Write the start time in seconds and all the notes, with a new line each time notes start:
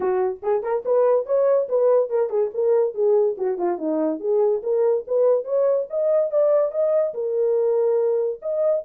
0.00 F#4
0.42 G#4
0.62 A#4
0.85 B4
1.26 C#5
1.68 B4
2.09 A#4
2.29 G#4
2.54 A#4
2.94 G#4
3.37 F#4
3.58 F4
3.78 D#4
4.20 G#4
4.62 A#4
5.07 B4
5.44 C#5
5.90 D#5
6.30 D5
6.71 D#5
7.13 A#4
8.42 D#5